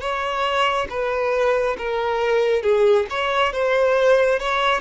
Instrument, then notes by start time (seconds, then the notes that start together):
violin
0.00 C#5
0.89 B4
1.77 A#4
2.62 G#4
3.09 C#5
3.52 C5
4.39 C#5